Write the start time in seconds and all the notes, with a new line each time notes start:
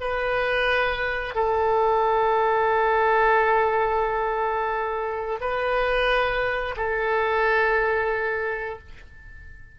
0.00 B4
1.35 A4
5.41 B4
6.76 A4